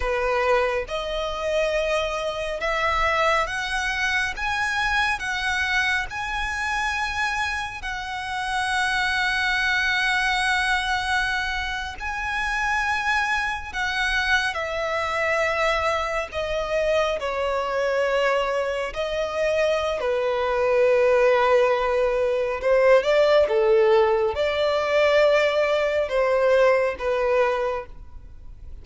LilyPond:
\new Staff \with { instrumentName = "violin" } { \time 4/4 \tempo 4 = 69 b'4 dis''2 e''4 | fis''4 gis''4 fis''4 gis''4~ | gis''4 fis''2.~ | fis''4.~ fis''16 gis''2 fis''16~ |
fis''8. e''2 dis''4 cis''16~ | cis''4.~ cis''16 dis''4~ dis''16 b'4~ | b'2 c''8 d''8 a'4 | d''2 c''4 b'4 | }